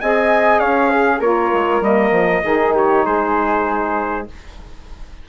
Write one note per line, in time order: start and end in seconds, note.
0.00 0.61 C4
0.00 1.22 G#4
0.00 0.59 D#5
0.00 0.59 G#5
0.59 1.20 C#4
0.59 0.89 C#5
0.59 1.20 F5
0.89 1.19 G#4
1.19 1.50 A#3
1.19 1.81 F4
1.19 2.42 A#4
1.19 1.82 C#5
1.53 1.80 G#3
1.80 2.11 G3
1.80 2.42 A#3
1.80 2.75 D#5
2.11 2.41 F3
2.43 3.05 D#3
2.43 4.27 D#4
2.43 2.74 G#4
2.74 3.05 G4
2.74 3.05 C#5
3.05 4.28 G#3
3.05 4.28 G#4
3.05 4.28 C5